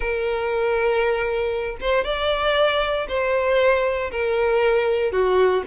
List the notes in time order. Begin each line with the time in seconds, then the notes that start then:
0.00 A#4
1.80 C5
2.04 D5
3.08 C5
4.11 A#4
5.11 F#4